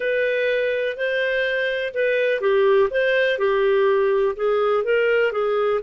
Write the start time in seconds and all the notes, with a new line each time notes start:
0.00 B4
0.96 C5
1.94 B4
2.40 G4
2.90 C5
3.38 G4
4.35 G#4
4.83 A#4
5.32 G#4